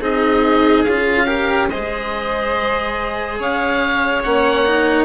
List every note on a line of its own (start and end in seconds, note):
0.00 0.85 C4
0.00 0.86 D#4
0.00 1.27 G#4
0.00 0.84 D#5
0.84 1.71 C#4
0.84 1.27 F4
0.84 1.69 F5
1.27 1.69 G4
1.27 1.69 A#4
1.69 3.39 G#3
1.69 4.25 G#4
1.69 3.39 C5
1.69 3.38 D#5
3.39 4.24 C#4
3.39 5.05 C#5
3.39 4.23 F5
4.23 5.05 A#3
4.23 4.66 C#4
4.23 5.05 F#5
4.66 5.05 D#4